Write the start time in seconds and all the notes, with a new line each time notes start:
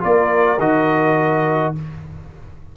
0.00 A#3 F4 A#4 D5
0.58 D#3 F#4 D#5